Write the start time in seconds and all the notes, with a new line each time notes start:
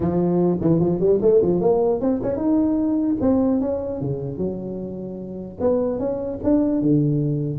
0.00 F3
0.60 E3
0.80 F3
1.00 G3
1.21 A3
1.42 F3
1.60 A#3
2.00 C4
2.23 C#4
2.36 D#4
3.20 C4
3.60 C#4
4.01 C#3
4.37 F#3
5.60 B3
5.99 C#4
6.43 D4
6.81 D3